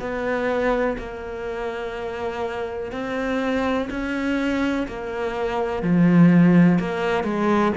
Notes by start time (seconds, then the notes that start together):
0.00 B3
0.98 A#3
2.92 C4
3.91 C#4
4.88 A#3
5.83 F3
6.79 A#3
7.24 G#3